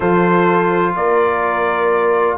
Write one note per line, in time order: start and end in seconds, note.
0.00 0.95 F3
0.00 2.38 F4
0.00 0.95 A4
0.00 0.95 C5
0.95 2.38 A#3
0.95 2.38 A#4
0.95 2.38 D5